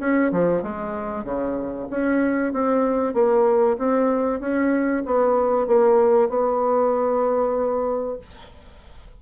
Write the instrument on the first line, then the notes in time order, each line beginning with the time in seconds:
bassoon
0.00 C#4
0.32 F3
0.63 G#3
1.24 C#3
1.90 C#4
2.53 C4
3.14 A#3
3.78 C4
4.40 C#4
5.06 B3
5.67 A#3
6.29 B3